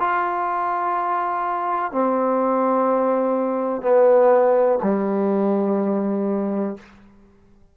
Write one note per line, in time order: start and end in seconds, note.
0.00 1.93 F4
1.93 3.82 C4
3.82 4.79 B3
4.83 6.77 G3